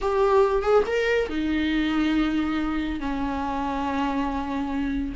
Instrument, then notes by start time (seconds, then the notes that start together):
viola
0.01 G4
0.62 G#4
0.86 A#4
1.29 D#4
2.99 C#4